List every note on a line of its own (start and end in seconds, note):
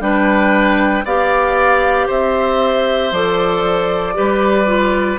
0.00 1.03 G3
0.00 1.04 D4
0.00 1.05 B4
0.00 1.05 G5
1.05 2.08 B3
1.05 3.13 G4
1.05 2.07 D5
1.05 2.09 F5
2.07 3.11 C4
2.07 4.14 C5
2.07 3.13 E5
3.11 4.15 F3
3.11 4.14 A4
3.11 5.19 D5
4.14 5.19 G3
4.14 4.66 G4
4.14 5.19 B4
4.66 5.17 F4